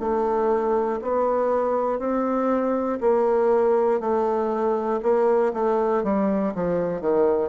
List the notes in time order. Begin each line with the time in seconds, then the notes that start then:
0.00 A3
1.01 B3
1.99 C4
3.00 A#3
4.00 A3
5.03 A#3
5.53 A3
6.04 G3
6.55 F3
7.01 D#3